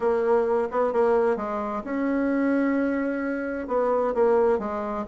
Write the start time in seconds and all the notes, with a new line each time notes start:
0.00 A#3
0.71 B3
0.92 A#3
1.36 G#3
1.83 C#4
3.67 B3
4.14 A#3
4.58 G#3